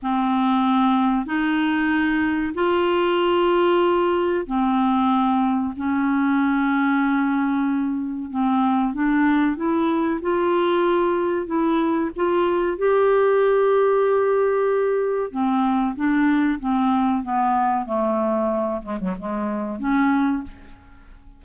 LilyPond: \new Staff \with { instrumentName = "clarinet" } { \time 4/4 \tempo 4 = 94 c'2 dis'2 | f'2. c'4~ | c'4 cis'2.~ | cis'4 c'4 d'4 e'4 |
f'2 e'4 f'4 | g'1 | c'4 d'4 c'4 b4 | a4. gis16 fis16 gis4 cis'4 | }